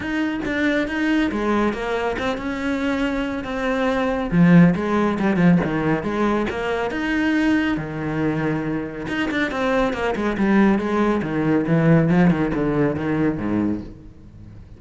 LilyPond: \new Staff \with { instrumentName = "cello" } { \time 4/4 \tempo 4 = 139 dis'4 d'4 dis'4 gis4 | ais4 c'8 cis'2~ cis'8 | c'2 f4 gis4 | g8 f8 dis4 gis4 ais4 |
dis'2 dis2~ | dis4 dis'8 d'8 c'4 ais8 gis8 | g4 gis4 dis4 e4 | f8 dis8 d4 dis4 gis,4 | }